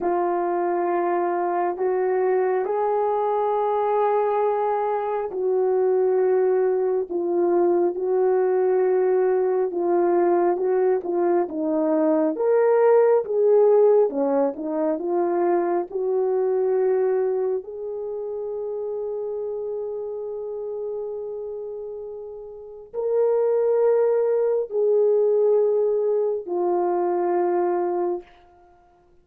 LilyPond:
\new Staff \with { instrumentName = "horn" } { \time 4/4 \tempo 4 = 68 f'2 fis'4 gis'4~ | gis'2 fis'2 | f'4 fis'2 f'4 | fis'8 f'8 dis'4 ais'4 gis'4 |
cis'8 dis'8 f'4 fis'2 | gis'1~ | gis'2 ais'2 | gis'2 f'2 | }